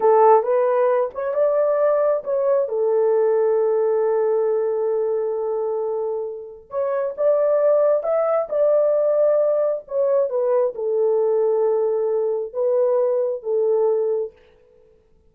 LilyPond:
\new Staff \with { instrumentName = "horn" } { \time 4/4 \tempo 4 = 134 a'4 b'4. cis''8 d''4~ | d''4 cis''4 a'2~ | a'1~ | a'2. cis''4 |
d''2 e''4 d''4~ | d''2 cis''4 b'4 | a'1 | b'2 a'2 | }